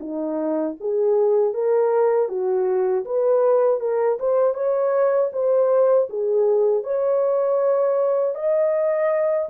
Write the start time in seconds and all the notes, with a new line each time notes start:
0.00 D#4
0.80 G#4
1.54 A#4
2.29 F#4
3.06 B4
3.80 A#4
4.19 C5
4.55 C#5
5.33 C5
6.10 G#4
6.84 C#5
8.35 D#5